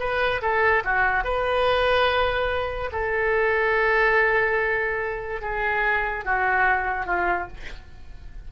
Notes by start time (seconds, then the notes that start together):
0.00 B4
0.42 A4
0.85 F#4
1.24 B4
2.92 A4
5.42 G#4
6.25 F#4
7.06 F4